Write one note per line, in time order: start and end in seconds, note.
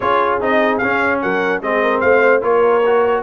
0.00 0.40 C#4
0.00 0.40 F4
0.00 1.21 G#4
0.00 0.39 C#5
0.40 0.81 C4
0.40 0.81 D#4
0.40 0.78 D#5
0.78 1.62 C#4
0.78 1.23 C#4
0.78 1.18 F5
1.21 1.62 F#3
1.21 1.62 A#4
1.21 1.62 F#5
1.62 2.02 G#3
1.62 2.41 C4
1.62 1.82 G#4
1.62 2.00 D#5
1.82 2.02 A#4
2.00 2.43 A3
2.00 2.42 C5
2.00 2.41 F5
2.41 3.22 A#3
2.41 2.81 F4
2.41 3.22 A#4
2.41 3.22 C#5
2.85 3.22 F#4